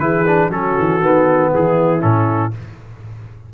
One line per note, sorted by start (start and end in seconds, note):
0.00 0.49 E3
0.00 0.26 E4
0.00 0.51 G#4
0.00 0.50 B4
0.27 0.51 D4
0.49 0.75 F#3
0.49 1.02 C#4
0.49 1.52 F#4
0.49 1.53 A4
0.80 1.01 E3
1.01 1.51 D#3
1.01 2.01 B3
1.53 2.04 E3
1.53 2.54 E4
1.53 2.02 G#4
2.01 2.54 A2
2.01 2.51 C#4
2.01 2.53 A4